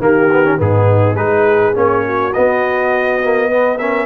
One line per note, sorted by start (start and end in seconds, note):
0.00 0.58 D#3
0.00 0.30 A#3
0.00 0.60 G4
0.00 0.61 A#4
0.32 0.45 B3
0.45 0.58 C#4
0.58 1.15 G#2
0.58 1.16 B3
0.58 1.18 D#4
0.58 1.16 G#4
1.15 1.73 G#3
1.15 1.75 D#4
1.15 2.06 G#4
1.15 1.75 B4
1.75 2.35 A#3
1.75 2.33 C#4
1.75 2.34 C#5
2.06 3.48 F#4
2.34 3.23 B3
2.34 4.07 B3
2.34 3.79 D#5
3.23 3.50 A#3
3.48 3.79 B3
3.48 3.77 B4
3.79 4.07 C#4
3.79 4.07 A#4
3.79 4.07 E5